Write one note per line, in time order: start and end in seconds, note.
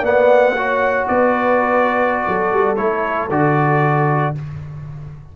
0.00 1.04 A#3
0.00 0.56 B3
0.00 0.54 D5
0.00 1.07 F#5
0.56 2.77 F#4
0.56 1.09 C#5
1.07 2.26 B3
1.07 2.27 B4
1.07 2.76 D5
2.27 2.52 F#3
2.27 4.36 A4
2.52 2.78 G3
2.76 3.30 A3
2.76 3.29 E4
2.76 3.28 C#5
3.30 4.34 D3
3.30 4.35 F#4
3.30 4.36 D5